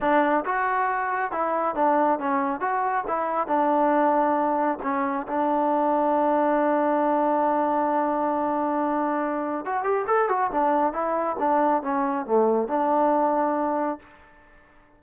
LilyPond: \new Staff \with { instrumentName = "trombone" } { \time 4/4 \tempo 4 = 137 d'4 fis'2 e'4 | d'4 cis'4 fis'4 e'4 | d'2. cis'4 | d'1~ |
d'1~ | d'2 fis'8 g'8 a'8 fis'8 | d'4 e'4 d'4 cis'4 | a4 d'2. | }